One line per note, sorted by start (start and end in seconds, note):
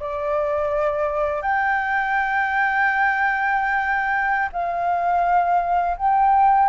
0.00 1.42 D5
1.42 4.50 G5
4.52 5.97 F5
5.97 6.69 G5